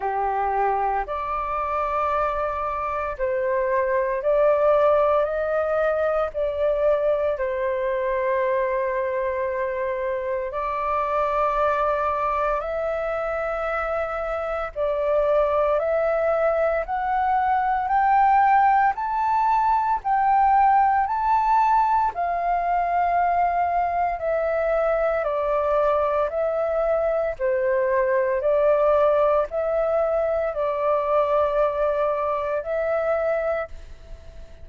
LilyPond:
\new Staff \with { instrumentName = "flute" } { \time 4/4 \tempo 4 = 57 g'4 d''2 c''4 | d''4 dis''4 d''4 c''4~ | c''2 d''2 | e''2 d''4 e''4 |
fis''4 g''4 a''4 g''4 | a''4 f''2 e''4 | d''4 e''4 c''4 d''4 | e''4 d''2 e''4 | }